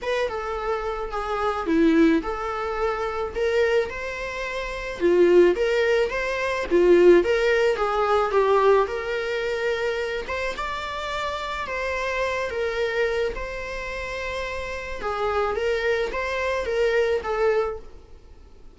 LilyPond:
\new Staff \with { instrumentName = "viola" } { \time 4/4 \tempo 4 = 108 b'8 a'4. gis'4 e'4 | a'2 ais'4 c''4~ | c''4 f'4 ais'4 c''4 | f'4 ais'4 gis'4 g'4 |
ais'2~ ais'8 c''8 d''4~ | d''4 c''4. ais'4. | c''2. gis'4 | ais'4 c''4 ais'4 a'4 | }